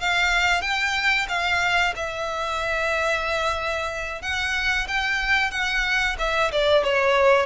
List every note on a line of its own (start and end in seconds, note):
0.00 0.61 F5
0.61 1.27 G5
1.29 1.94 F5
1.96 4.22 E5
4.22 4.87 F#5
4.88 5.51 G5
5.51 6.16 F#5
6.19 6.51 E5
6.52 6.84 D5
6.84 7.46 C#5